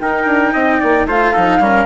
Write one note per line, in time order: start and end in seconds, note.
0.00 0.26 D#4
0.00 1.08 D#4
0.00 0.53 A#4
0.00 1.07 G5
0.26 0.53 D4
0.53 0.81 C4
0.53 0.80 D#5
0.80 1.06 A#3
0.80 1.07 D5
1.06 1.32 A3
1.06 1.34 F4
1.06 1.32 C5
1.06 1.86 F5
1.32 1.59 F3
1.32 1.61 D#4
1.32 1.59 A4
1.59 1.86 G3
1.59 1.86 C#4
1.59 1.86 A#4